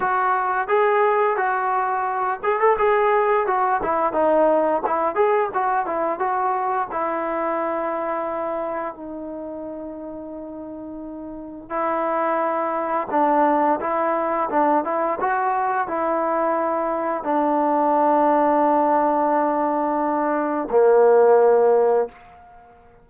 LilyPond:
\new Staff \with { instrumentName = "trombone" } { \time 4/4 \tempo 4 = 87 fis'4 gis'4 fis'4. gis'16 a'16 | gis'4 fis'8 e'8 dis'4 e'8 gis'8 | fis'8 e'8 fis'4 e'2~ | e'4 dis'2.~ |
dis'4 e'2 d'4 | e'4 d'8 e'8 fis'4 e'4~ | e'4 d'2.~ | d'2 ais2 | }